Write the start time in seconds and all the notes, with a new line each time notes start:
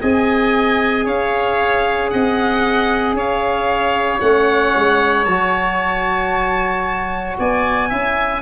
0.00 C4 G#4 D#5 G#5
1.04 C#4 C#5 F5
2.09 C4 D#5 F#5
3.13 C#4 C#5 F5
4.20 A3 C#4 F#5
4.75 G#3
5.25 F#3 F#4 A5
7.38 B3 D5 G#5
7.88 C#4 E4 E5